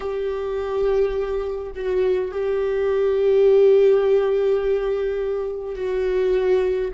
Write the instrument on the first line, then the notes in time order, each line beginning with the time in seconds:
viola
0.00 G4
1.75 F#4
2.31 G4
5.75 F#4